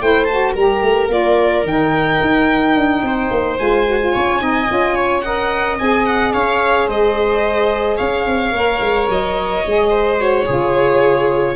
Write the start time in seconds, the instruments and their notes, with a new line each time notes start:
0.00 tuba A3, saxophone E4, viola C5, violin G5
0.24 saxophone F#4, violin A5
0.52 tuba G3, saxophone G4, viola A#4, violin A#5
0.82 tuba A3
1.08 tuba A#3, saxophone F4, violin D5
1.63 tuba D#3, saxophone D#4, violin G5
2.20 tuba D#4
2.75 tuba D4
3.02 tuba C4, viola C5
3.30 tuba A#3
3.58 tuba G#3, saxophone F4, violin G#5
3.86 saxophone F#4
4.00 saxophone F4
4.13 tuba C#4, viola C#5
4.40 tuba C4, saxophone D#4, viola D#5
4.67 tuba C#4, saxophone F4
4.95 viola C#5
5.20 saxophone A#4, viola D#5, violin F#5
5.78 tuba C4, saxophone G#4, violin G#5
6.05 violin F#5
6.33 tuba C#4, viola C#5, violin F5
6.87 tuba G#3, viola C5, violin D#5
7.96 tuba C#4, viola C#5, violin F5
8.26 tuba C4
8.52 tuba A#3, saxophone A#4
8.80 tuba G#3
9.09 tuba F#3, violin D#5
9.65 tuba G#3, saxophone G#4
9.89 viola C5
10.18 saxophone F#4, violin C#5
10.45 tuba C#3, saxophone F4, viola G#4